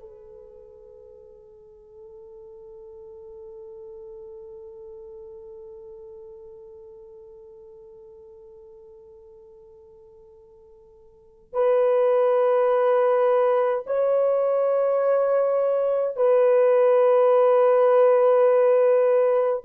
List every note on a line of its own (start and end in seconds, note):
0.00 11.53 A4
11.53 13.84 B4
13.86 16.16 C#5
16.16 19.63 B4